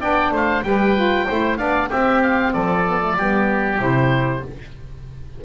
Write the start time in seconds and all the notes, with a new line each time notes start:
0.00 B3 D4 D5 G5
0.31 A3 C5 F5
0.63 G3 G4 B4 G5
0.95 F4
1.26 A3 E4 C5
1.57 B3 D4 D5 F5
1.89 C4 G4 E5
2.22 F5
2.53 F3 A4 D5
2.86 B3
3.00 A3
3.16 G3 B3 G4
3.78 C3 E4 C5